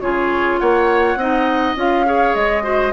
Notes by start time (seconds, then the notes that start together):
0.00 C#3 F4 G#4 C#5
0.59 A#3 C#5 F#5
1.16 C4 D#4 D#5
1.76 C#4 F4 F5
2.05 G#4 C#5
2.35 G#3 D#5
2.63 F#4 C5